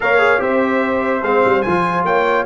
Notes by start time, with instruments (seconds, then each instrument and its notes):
0.00 tuba A#3, trombone A#4, horn C#5, trumpet F5
0.18 trombone G#4
0.38 tuba C4, trombone G4, horn C5, trumpet E5
1.22 tuba G#3, trombone C4, trumpet F5
1.45 tuba G3
1.62 tuba F3, trombone F4, trumpet G#5
2.04 tuba A#3, horn C#5, trumpet G5